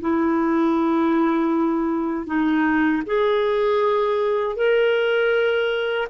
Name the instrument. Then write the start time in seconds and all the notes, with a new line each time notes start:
clarinet
0.00 E4
2.26 D#4
3.06 G#4
4.56 A#4